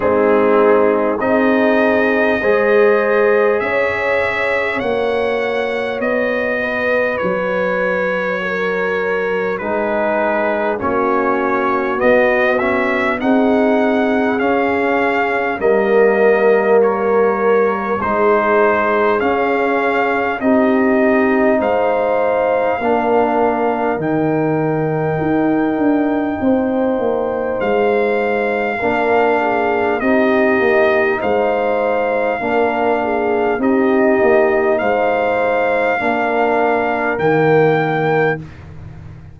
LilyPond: <<
  \new Staff \with { instrumentName = "trumpet" } { \time 4/4 \tempo 4 = 50 gis'4 dis''2 e''4 | fis''4 dis''4 cis''2 | b'4 cis''4 dis''8 e''8 fis''4 | f''4 dis''4 cis''4 c''4 |
f''4 dis''4 f''2 | g''2. f''4~ | f''4 dis''4 f''2 | dis''4 f''2 g''4 | }
  \new Staff \with { instrumentName = "horn" } { \time 4/4 dis'4 gis'4 c''4 cis''4~ | cis''4. b'4. ais'4 | gis'4 fis'2 gis'4~ | gis'4 ais'2 gis'4~ |
gis'4 g'4 c''4 ais'4~ | ais'2 c''2 | ais'8 gis'8 g'4 c''4 ais'8 gis'8 | g'4 c''4 ais'2 | }
  \new Staff \with { instrumentName = "trombone" } { \time 4/4 c'4 dis'4 gis'2 | fis'1 | dis'4 cis'4 b8 cis'8 dis'4 | cis'4 ais2 dis'4 |
cis'4 dis'2 d'4 | dis'1 | d'4 dis'2 d'4 | dis'2 d'4 ais4 | }
  \new Staff \with { instrumentName = "tuba" } { \time 4/4 gis4 c'4 gis4 cis'4 | ais4 b4 fis2 | gis4 ais4 b4 c'4 | cis'4 g2 gis4 |
cis'4 c'4 gis4 ais4 | dis4 dis'8 d'8 c'8 ais8 gis4 | ais4 c'8 ais8 gis4 ais4 | c'8 ais8 gis4 ais4 dis4 | }
>>